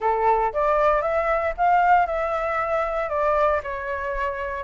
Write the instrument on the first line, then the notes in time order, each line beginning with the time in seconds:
flute
0.00 A4
0.53 D5
1.01 E5
1.57 F5
2.06 E5
3.09 D5
3.63 C#5